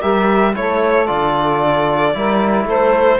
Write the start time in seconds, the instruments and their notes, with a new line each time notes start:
0.00 cello G3, trombone G4, saxophone A#4, violin E5
0.55 cello A3, trombone E4, saxophone A4, violin C#5
1.07 cello D3, trombone F4, violin D5
2.14 cello G3, trombone E4, saxophone A#4
2.65 cello A3, saxophone A4, violin C5